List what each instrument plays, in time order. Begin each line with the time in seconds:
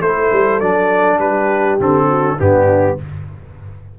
0.00 tuba A3, trombone E4, horn A4, trumpet C5
0.31 tuba G3
0.59 tuba F#3, trombone D4, trumpet D5
1.17 tuba G3, horn G4, trumpet B4
1.79 tuba D3, trombone C4, trumpet A4
2.07 horn F#4
2.38 tuba G2, trombone B3, horn D4, trumpet G4